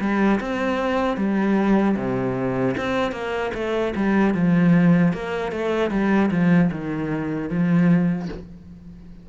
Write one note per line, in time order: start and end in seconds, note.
0.00 0.39 G3
0.40 1.17 C4
1.17 1.96 G3
1.96 2.75 C3
2.77 3.12 C4
3.12 3.51 A#3
3.54 3.94 A3
3.96 4.34 G3
4.34 5.13 F3
5.13 5.52 A#3
5.52 5.91 A3
5.91 6.30 G3
6.31 6.70 F3
6.71 7.49 D#3
7.49 8.28 F3